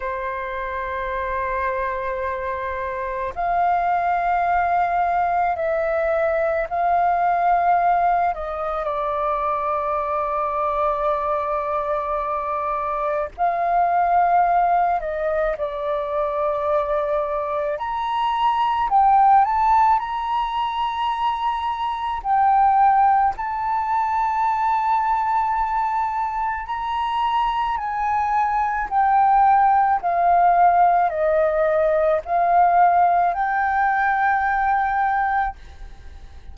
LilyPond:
\new Staff \with { instrumentName = "flute" } { \time 4/4 \tempo 4 = 54 c''2. f''4~ | f''4 e''4 f''4. dis''8 | d''1 | f''4. dis''8 d''2 |
ais''4 g''8 a''8 ais''2 | g''4 a''2. | ais''4 gis''4 g''4 f''4 | dis''4 f''4 g''2 | }